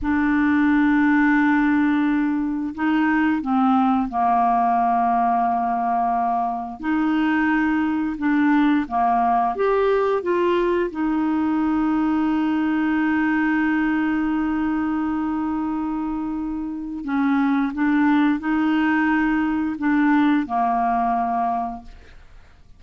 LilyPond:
\new Staff \with { instrumentName = "clarinet" } { \time 4/4 \tempo 4 = 88 d'1 | dis'4 c'4 ais2~ | ais2 dis'2 | d'4 ais4 g'4 f'4 |
dis'1~ | dis'1~ | dis'4 cis'4 d'4 dis'4~ | dis'4 d'4 ais2 | }